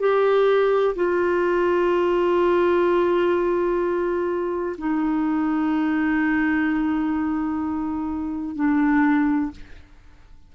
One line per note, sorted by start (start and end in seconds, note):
0.00 0.95 G4
0.96 4.77 F4
4.78 8.56 D#4
8.56 9.51 D4